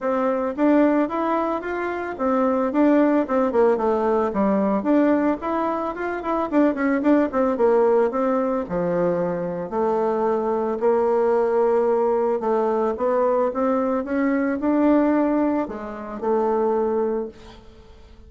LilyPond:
\new Staff \with { instrumentName = "bassoon" } { \time 4/4 \tempo 4 = 111 c'4 d'4 e'4 f'4 | c'4 d'4 c'8 ais8 a4 | g4 d'4 e'4 f'8 e'8 | d'8 cis'8 d'8 c'8 ais4 c'4 |
f2 a2 | ais2. a4 | b4 c'4 cis'4 d'4~ | d'4 gis4 a2 | }